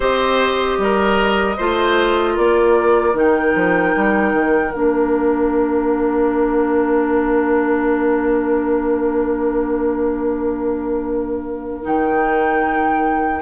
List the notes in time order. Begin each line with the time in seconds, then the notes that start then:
0.00 C4 G4 C5 D#5
0.77 G3 A#4
1.57 A3 F4 C5
2.34 A#3 A#4 D5
3.13 D#3 D#4 G5
3.55 F3
3.95 G3
4.33 D#3
4.73 A#3 D4 F5
11.81 D#3 D#4 G5